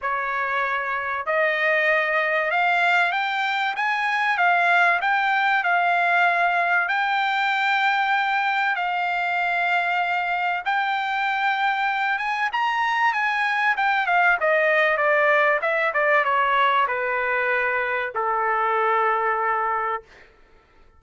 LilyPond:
\new Staff \with { instrumentName = "trumpet" } { \time 4/4 \tempo 4 = 96 cis''2 dis''2 | f''4 g''4 gis''4 f''4 | g''4 f''2 g''4~ | g''2 f''2~ |
f''4 g''2~ g''8 gis''8 | ais''4 gis''4 g''8 f''8 dis''4 | d''4 e''8 d''8 cis''4 b'4~ | b'4 a'2. | }